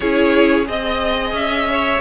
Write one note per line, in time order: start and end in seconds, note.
0.00 0.68 C#4
0.00 0.65 E4
0.00 0.67 G#4
0.00 0.67 C#5
0.65 1.32 C4
0.65 2.00 G#4
0.65 1.35 D#5
0.65 1.70 D#5
1.32 1.99 C#4
1.32 2.01 E5
1.70 2.01 C#5